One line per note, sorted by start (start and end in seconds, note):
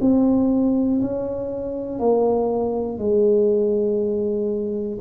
0.00 1.00 C4
1.01 1.99 C#4
1.99 2.98 A#3
2.98 4.98 G#3